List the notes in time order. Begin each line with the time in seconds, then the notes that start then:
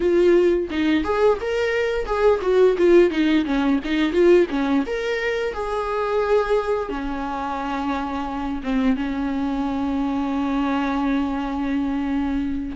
0.00 F4
0.70 D#4
1.03 G#4
1.40 A#4
2.05 G#4
2.41 F#4
2.77 F4
3.10 D#4
3.45 C#4
3.84 D#4
4.12 F4
4.50 C#4
4.86 A#4
5.53 G#4
6.89 C#4
8.63 C4
8.96 C#4